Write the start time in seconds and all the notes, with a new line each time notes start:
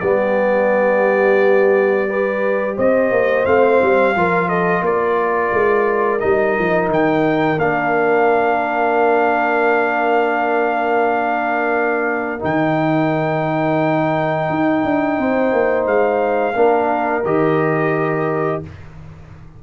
0.00 G3 B3 G4 D5
2.07 G4 B4
2.76 C4 C5 D#5
3.11 A#3
3.45 A3 C4 F5
3.82 G3
4.15 F3 F4 A#4
4.48 A4 D#5
4.81 A#3 A#4 D5
5.53 G#3
6.19 G3 D#4 D#5
6.59 F3
6.88 D#3 G5
7.58 A#3 D4 F5
12.39 D#3 D#4 G5
14.49 D#4
14.84 D4
15.18 C4 C5
15.52 A#3
15.86 G#3 F5
16.54 A#3 D4 A#4
17.24 D#3 G4 D#5